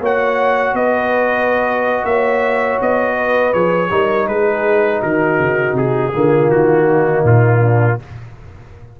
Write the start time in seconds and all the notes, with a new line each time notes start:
0.00 A#3 F#4 C#5 F#5
0.73 B3 B4 D#5
2.03 A#3 C#5 E5
2.81 B3 D#5
3.15 B4
3.53 F3 G#4 C#5
3.90 G3 D#4 A#4
4.26 G#3 G#4 B4
5.00 D#3 F#4 A#4
5.38 C#3
5.72 C3 G#4
6.13 D3 A#3 F4
6.48 D#3 F#4
6.87 D#4
7.23 A#2 F4
7.60 D4